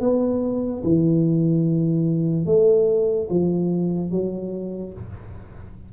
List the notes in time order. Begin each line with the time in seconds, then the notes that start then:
0.00 B3
0.83 E3
2.45 A3
3.29 F3
4.11 F#3